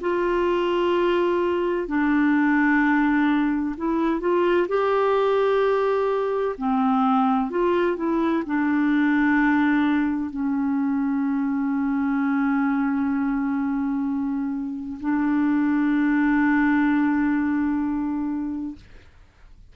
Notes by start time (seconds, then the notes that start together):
0.00 F4
1.87 D4
3.77 E4
4.20 F4
4.68 G4
6.58 C4
7.50 F4
7.96 E4
8.46 D4
10.30 C#4
15.00 D4